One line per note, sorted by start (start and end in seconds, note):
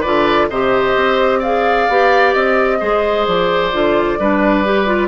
0.00 0.49 D3
0.00 0.50 F4
0.00 0.46 B4
0.00 0.48 D5
0.49 0.95 C3
0.49 1.44 G4
0.49 1.39 C5
0.49 1.41 D#5
0.95 1.88 C4
1.39 1.90 G#4
1.39 2.77 D5
1.39 2.33 F5
1.89 2.35 B3
1.89 2.79 G4
2.33 2.81 C4
2.33 3.25 D#5
2.79 3.27 G#3
2.79 3.72 G#4
2.79 4.18 C5
3.27 3.73 F3
3.27 5.08 D5
3.72 4.19 D3
3.72 4.18 F4
4.19 5.08 G3
4.19 4.64 D4
4.19 5.08 B4
4.64 4.86 G4
4.86 5.08 F4